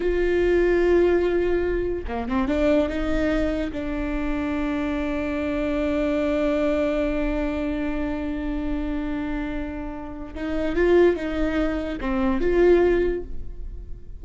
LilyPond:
\new Staff \with { instrumentName = "viola" } { \time 4/4 \tempo 4 = 145 f'1~ | f'4 ais8 c'8 d'4 dis'4~ | dis'4 d'2.~ | d'1~ |
d'1~ | d'1~ | d'4 dis'4 f'4 dis'4~ | dis'4 c'4 f'2 | }